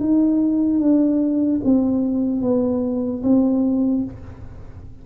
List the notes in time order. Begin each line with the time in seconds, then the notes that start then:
0.00 D#4
0.80 D4
1.64 C4
2.42 B3
3.23 C4